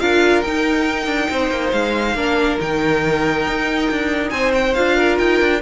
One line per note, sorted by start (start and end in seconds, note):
0.00 0.44 D4
0.00 0.44 F4
0.00 1.30 A#4
0.00 0.42 F5
0.42 1.06 D#4
0.42 2.16 D#4
0.42 1.71 G5
1.06 1.28 D4
1.30 1.50 C4
1.30 2.16 C5
1.50 1.72 A#3
1.72 2.14 G#3
1.72 2.58 F5
2.14 2.58 A#3
2.14 2.59 D4
2.14 4.31 A#4
2.59 3.47 D#3
2.59 4.75 D#4
2.59 4.30 G5
3.47 3.90 D#4
3.91 4.31 D4
4.30 4.74 C4
4.30 4.96 C5
4.30 4.51 G#5
4.54 4.74 G5
4.74 5.20 D4
4.74 5.62 F4
4.74 5.18 F5
4.96 5.61 A#4
5.18 5.41 D#4
5.18 5.61 G5
5.41 5.62 D4